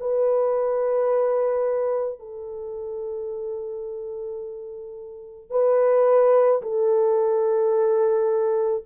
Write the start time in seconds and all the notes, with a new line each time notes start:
0.00 B4
2.20 A4
5.51 B4
6.62 A4